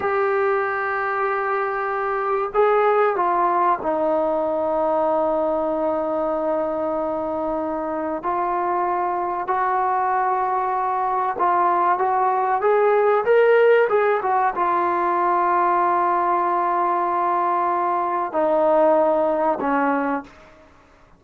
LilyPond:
\new Staff \with { instrumentName = "trombone" } { \time 4/4 \tempo 4 = 95 g'1 | gis'4 f'4 dis'2~ | dis'1~ | dis'4 f'2 fis'4~ |
fis'2 f'4 fis'4 | gis'4 ais'4 gis'8 fis'8 f'4~ | f'1~ | f'4 dis'2 cis'4 | }